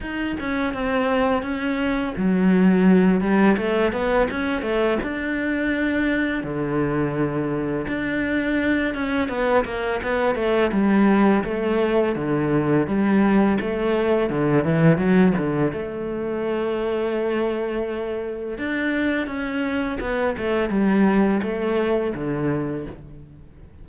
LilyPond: \new Staff \with { instrumentName = "cello" } { \time 4/4 \tempo 4 = 84 dis'8 cis'8 c'4 cis'4 fis4~ | fis8 g8 a8 b8 cis'8 a8 d'4~ | d'4 d2 d'4~ | d'8 cis'8 b8 ais8 b8 a8 g4 |
a4 d4 g4 a4 | d8 e8 fis8 d8 a2~ | a2 d'4 cis'4 | b8 a8 g4 a4 d4 | }